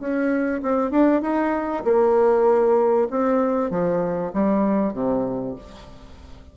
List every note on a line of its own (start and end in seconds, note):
0.00 0.62 C#4
0.63 0.91 C4
0.91 1.22 D4
1.22 1.84 D#4
1.85 3.08 A#3
3.11 3.71 C4
3.71 4.32 F3
4.34 4.93 G3
4.93 5.55 C3